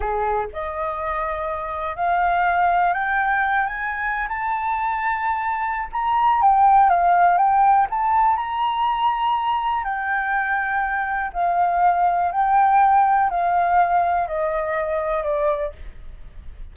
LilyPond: \new Staff \with { instrumentName = "flute" } { \time 4/4 \tempo 4 = 122 gis'4 dis''2. | f''2 g''4. gis''8~ | gis''8. a''2.~ a''16 | ais''4 g''4 f''4 g''4 |
a''4 ais''2. | g''2. f''4~ | f''4 g''2 f''4~ | f''4 dis''2 d''4 | }